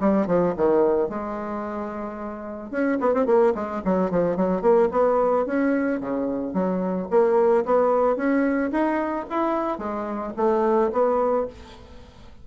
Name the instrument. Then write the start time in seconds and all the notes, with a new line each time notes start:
bassoon
0.00 G3
0.27 F3
0.57 D#3
1.09 G#3
2.70 C#4
3.00 B3
3.14 C4
3.26 A#3
3.55 G#3
3.85 F#3
4.11 F3
4.36 F#3
4.61 A#3
4.91 B3
5.46 C#4
6.00 C#3
6.53 F#3
7.10 A#3
7.65 B3
8.16 C#4
8.71 D#4
9.30 E4
9.78 G#3
10.37 A3
10.92 B3